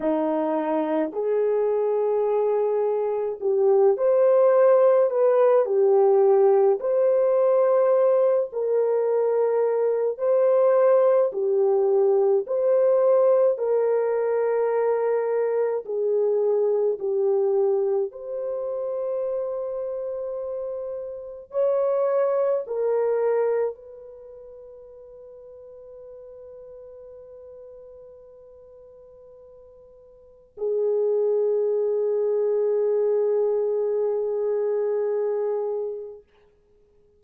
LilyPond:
\new Staff \with { instrumentName = "horn" } { \time 4/4 \tempo 4 = 53 dis'4 gis'2 g'8 c''8~ | c''8 b'8 g'4 c''4. ais'8~ | ais'4 c''4 g'4 c''4 | ais'2 gis'4 g'4 |
c''2. cis''4 | ais'4 b'2.~ | b'2. gis'4~ | gis'1 | }